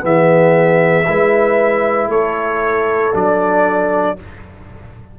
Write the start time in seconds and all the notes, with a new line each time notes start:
0.00 E3 B3 G#4 E5
1.08 G#3 E4 B4
2.08 A3 A4 C#5
3.13 F#3 D4 D5